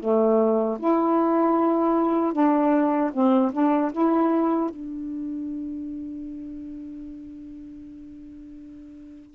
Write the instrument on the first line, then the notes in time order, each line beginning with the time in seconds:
saxophone
0.00 A3
0.79 E4
2.33 D4
3.13 C4
3.53 D4
3.92 E4
4.70 D4